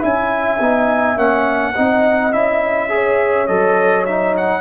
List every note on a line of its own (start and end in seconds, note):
0.00 0.60 C#4
0.00 0.58 E4
0.00 1.73 E5
0.00 1.18 G#5
0.60 1.17 B3
0.60 1.17 D#4
1.17 1.74 A#3
1.17 1.75 C#4
1.17 2.33 F#5
1.75 2.33 C4
1.75 2.32 D#4
1.75 2.91 D#5
2.32 3.49 C#4
2.32 2.89 E4
2.32 3.47 E5
2.89 3.47 G#4
2.89 4.61 C#5
3.47 4.61 F#3
3.47 4.06 A4
3.47 4.05 D#5
4.06 4.61 D#4
4.06 4.35 E5
4.37 4.61 F#5